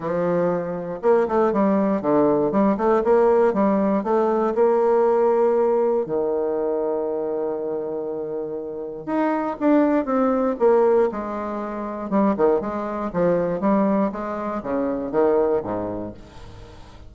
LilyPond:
\new Staff \with { instrumentName = "bassoon" } { \time 4/4 \tempo 4 = 119 f2 ais8 a8 g4 | d4 g8 a8 ais4 g4 | a4 ais2. | dis1~ |
dis2 dis'4 d'4 | c'4 ais4 gis2 | g8 dis8 gis4 f4 g4 | gis4 cis4 dis4 gis,4 | }